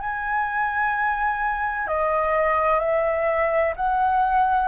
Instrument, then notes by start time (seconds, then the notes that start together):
flute
0.00 G#5
1.87 D#5
2.80 E5
3.76 F#5